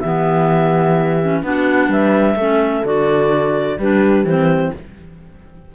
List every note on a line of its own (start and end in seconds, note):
0.00 1.43 E3
0.00 1.22 B3
0.00 1.43 G4
0.00 1.41 E5
1.22 1.44 C#4
1.43 1.88 B3
1.43 2.38 D4
1.43 1.90 F#4
1.43 1.92 F#5
1.88 2.35 G3
1.88 2.37 B4
1.88 2.86 E5
2.36 2.83 A3
2.36 2.85 C#4
2.36 3.78 A4
2.85 3.78 D3
2.85 3.78 F#4
2.85 3.80 D5
3.78 4.25 G3
3.78 4.28 D4
3.78 4.73 G4
3.78 4.26 B4
4.25 4.71 E3
4.25 4.75 C4
4.25 4.73 C5